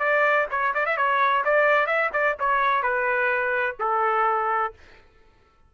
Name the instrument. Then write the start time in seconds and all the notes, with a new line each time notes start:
trumpet
0.00 D5
0.51 C#5
0.75 D5
0.87 E5
0.98 C#5
1.45 D5
1.87 E5
2.13 D5
2.40 C#5
2.83 B4
3.80 A4